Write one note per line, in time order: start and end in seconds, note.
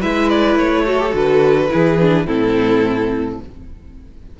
0.00 0.55 G#3
0.00 0.87 E4
0.00 0.85 B4
0.00 0.29 E5
0.29 0.58 D5
0.55 1.12 A3
0.55 1.15 C#5
0.85 1.00 F#4
0.85 1.70 A4
1.00 1.10 G4
1.10 1.71 D3
1.10 1.67 F#4
1.10 2.27 B4
1.69 2.27 E3
1.69 1.97 E4
1.69 2.27 G#4
2.01 2.26 D4
2.26 3.40 A2
2.26 3.40 C4
2.26 3.40 E4
2.26 3.40 A4